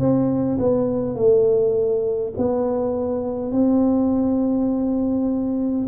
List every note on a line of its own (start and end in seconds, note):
0.00 0.59 C4
0.59 1.16 B3
1.16 2.34 A3
2.38 3.52 B3
3.52 5.88 C4